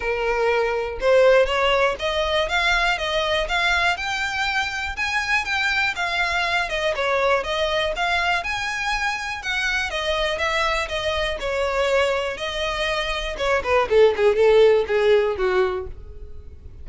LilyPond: \new Staff \with { instrumentName = "violin" } { \time 4/4 \tempo 4 = 121 ais'2 c''4 cis''4 | dis''4 f''4 dis''4 f''4 | g''2 gis''4 g''4 | f''4. dis''8 cis''4 dis''4 |
f''4 gis''2 fis''4 | dis''4 e''4 dis''4 cis''4~ | cis''4 dis''2 cis''8 b'8 | a'8 gis'8 a'4 gis'4 fis'4 | }